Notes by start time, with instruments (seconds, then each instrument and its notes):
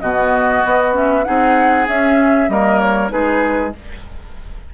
0.00 bassoon B2, clarinet B3, oboe F#4, flute D#5
0.65 bassoon B3
0.92 clarinet C#4, flute E5
1.24 bassoon C4, clarinet D#4, oboe G#4, flute F#5
1.88 bassoon C#4, clarinet C#4, flute E5
2.49 bassoon G3, clarinet A#3, oboe A#4, flute D#5
2.79 flute C#5
3.09 bassoon G#3, clarinet D#4, oboe G#4, flute B4